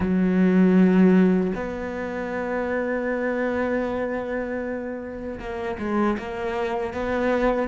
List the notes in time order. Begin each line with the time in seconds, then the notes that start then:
0.00 F#3
1.54 B3
5.39 A#3
5.79 G#3
6.18 A#3
6.93 B3